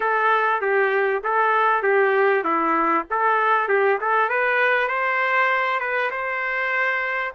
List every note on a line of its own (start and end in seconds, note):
0.00 0.61 A4
0.61 1.22 G4
1.23 1.83 A4
1.83 2.44 G4
2.44 3.05 E4
3.10 3.68 A4
3.68 3.99 G4
4.00 4.29 A4
4.29 4.88 B4
4.88 5.79 C5
5.79 6.10 B4
6.10 7.33 C5